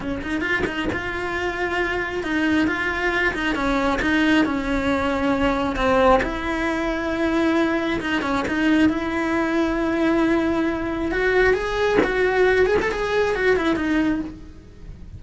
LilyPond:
\new Staff \with { instrumentName = "cello" } { \time 4/4 \tempo 4 = 135 cis'8 dis'8 f'8 dis'8 f'2~ | f'4 dis'4 f'4. dis'8 | cis'4 dis'4 cis'2~ | cis'4 c'4 e'2~ |
e'2 dis'8 cis'8 dis'4 | e'1~ | e'4 fis'4 gis'4 fis'4~ | fis'8 gis'16 a'16 gis'4 fis'8 e'8 dis'4 | }